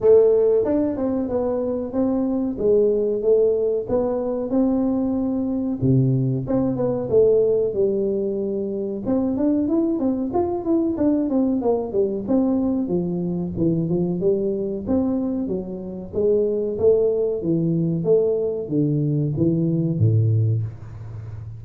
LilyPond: \new Staff \with { instrumentName = "tuba" } { \time 4/4 \tempo 4 = 93 a4 d'8 c'8 b4 c'4 | gis4 a4 b4 c'4~ | c'4 c4 c'8 b8 a4 | g2 c'8 d'8 e'8 c'8 |
f'8 e'8 d'8 c'8 ais8 g8 c'4 | f4 e8 f8 g4 c'4 | fis4 gis4 a4 e4 | a4 d4 e4 a,4 | }